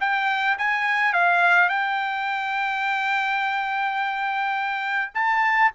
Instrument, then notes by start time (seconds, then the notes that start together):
trumpet
0.00 G5
0.58 G#5
1.13 F5
1.69 G5
5.14 A5